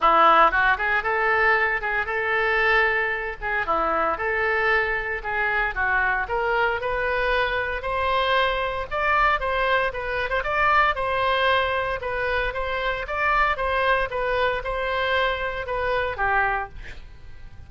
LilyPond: \new Staff \with { instrumentName = "oboe" } { \time 4/4 \tempo 4 = 115 e'4 fis'8 gis'8 a'4. gis'8 | a'2~ a'8 gis'8 e'4 | a'2 gis'4 fis'4 | ais'4 b'2 c''4~ |
c''4 d''4 c''4 b'8. c''16 | d''4 c''2 b'4 | c''4 d''4 c''4 b'4 | c''2 b'4 g'4 | }